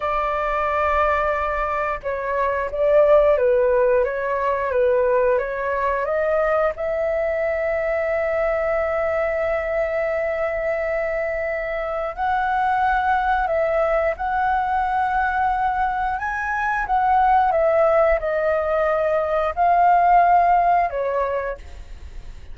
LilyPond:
\new Staff \with { instrumentName = "flute" } { \time 4/4 \tempo 4 = 89 d''2. cis''4 | d''4 b'4 cis''4 b'4 | cis''4 dis''4 e''2~ | e''1~ |
e''2 fis''2 | e''4 fis''2. | gis''4 fis''4 e''4 dis''4~ | dis''4 f''2 cis''4 | }